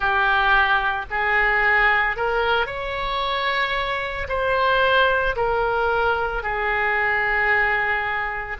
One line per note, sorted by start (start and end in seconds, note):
0.00 1.05 G4
1.10 2.16 G#4
2.16 2.66 A#4
2.66 4.27 C#5
4.28 5.35 C5
5.36 6.42 A#4
6.42 8.57 G#4